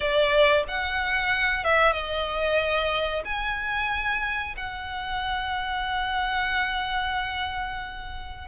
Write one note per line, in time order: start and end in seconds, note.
0.00 0.63 D5
0.68 1.64 F#5
1.64 1.92 E5
1.92 3.23 D#5
3.24 4.55 G#5
4.56 8.48 F#5